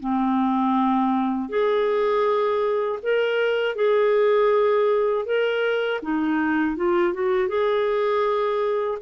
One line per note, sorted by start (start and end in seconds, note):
0.00 1.49 C4
1.49 2.99 G#4
3.03 3.76 A#4
3.76 5.26 G#4
5.26 6.01 A#4
6.02 6.76 D#4
6.76 7.14 F4
7.14 7.49 F#4
7.49 8.99 G#4